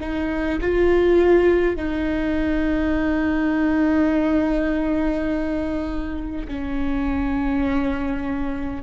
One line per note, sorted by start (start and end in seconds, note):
0.00 0.59 D#4
0.61 1.76 F4
1.76 6.47 D#4
6.48 8.83 C#4